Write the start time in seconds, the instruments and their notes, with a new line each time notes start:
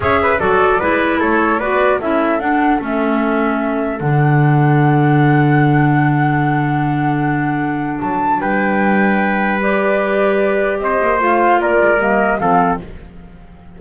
0.00 double bass C#4, clarinet G#4, trumpet C#5, flute E5
0.22 trumpet B4
0.39 double bass F#3, clarinet F#4, trumpet A4, flute D5
0.80 double bass G#3, clarinet E4, trumpet B4
1.19 double bass A3, trumpet A4, flute C#5
1.59 double bass B3, clarinet F#4, trumpet B4, flute D5
1.99 double bass C#4, clarinet E4, trumpet A4, flute E5
2.39 double bass D4, clarinet D4, flute F#5
2.80 double bass A3, clarinet C#4, flute E5
3.99 double bass D3, clarinet D4, flute F#5
8.00 double bass F#3, flute A5
8.40 double bass G3, trumpet B4, flute G5
9.60 clarinet G4, flute D5
10.79 double bass C4, trumpet C5, flute D#5
11.01 double bass A#3
11.19 double bass A3, clarinet F4, flute F5
11.58 double bass A#3, trumpet A#4, flute D5
11.81 double bass G#3
11.98 double bass G3, clarinet A#3, flute D#5
12.39 double bass F3, clarinet C4, trumpet A4, flute F5